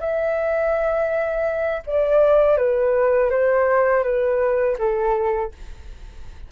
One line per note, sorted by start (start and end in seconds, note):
0.00 1.83 E5
1.87 2.57 D5
2.57 3.30 B4
3.30 4.03 C5
4.03 4.77 B4
4.79 5.52 A4